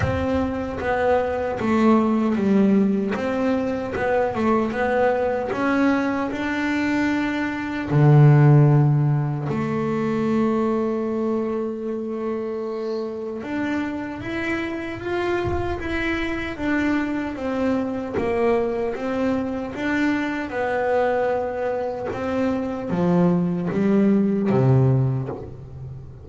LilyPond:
\new Staff \with { instrumentName = "double bass" } { \time 4/4 \tempo 4 = 76 c'4 b4 a4 g4 | c'4 b8 a8 b4 cis'4 | d'2 d2 | a1~ |
a4 d'4 e'4 f'4 | e'4 d'4 c'4 ais4 | c'4 d'4 b2 | c'4 f4 g4 c4 | }